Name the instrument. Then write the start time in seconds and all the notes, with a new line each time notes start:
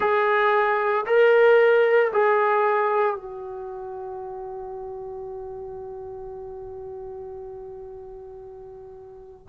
trombone
0.00 G#4
1.06 A#4
2.12 G#4
3.15 F#4